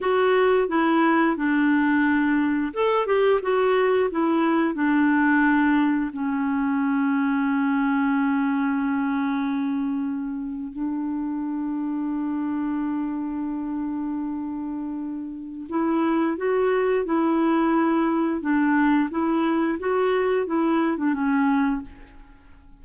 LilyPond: \new Staff \with { instrumentName = "clarinet" } { \time 4/4 \tempo 4 = 88 fis'4 e'4 d'2 | a'8 g'8 fis'4 e'4 d'4~ | d'4 cis'2.~ | cis'2.~ cis'8. d'16~ |
d'1~ | d'2. e'4 | fis'4 e'2 d'4 | e'4 fis'4 e'8. d'16 cis'4 | }